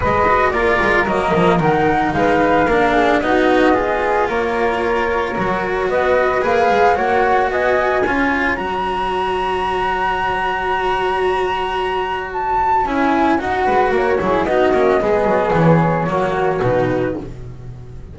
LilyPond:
<<
  \new Staff \with { instrumentName = "flute" } { \time 4/4 \tempo 4 = 112 dis''4 d''4 dis''4 fis''4 | f''2 dis''2 | cis''2. dis''4 | f''4 fis''4 gis''2 |
ais''1~ | ais''2. a''4 | gis''4 fis''4 cis''4 dis''4~ | dis''4 cis''2 b'4 | }
  \new Staff \with { instrumentName = "flute" } { \time 4/4 b'4 ais'2. | b'4 ais'8 gis'8 fis'4 gis'4 | ais'2. b'4~ | b'4 cis''4 dis''4 cis''4~ |
cis''1~ | cis''1~ | cis''4. b'8 ais'8 gis'8 fis'4 | gis'2 fis'2 | }
  \new Staff \with { instrumentName = "cello" } { \time 4/4 gis'8 fis'8 f'4 ais4 dis'4~ | dis'4 d'4 dis'4 f'4~ | f'2 fis'2 | gis'4 fis'2 f'4 |
fis'1~ | fis'1 | e'4 fis'4. e'8 dis'8 cis'8 | b2 ais4 dis'4 | }
  \new Staff \with { instrumentName = "double bass" } { \time 4/4 gis4 ais8 gis8 fis8 f8 dis4 | gis4 ais4 b2 | ais2 fis4 b4 | ais8 gis8 ais4 b4 cis'4 |
fis1~ | fis1 | cis'4 dis'8 gis8 ais8 fis8 b8 ais8 | gis8 fis8 e4 fis4 b,4 | }
>>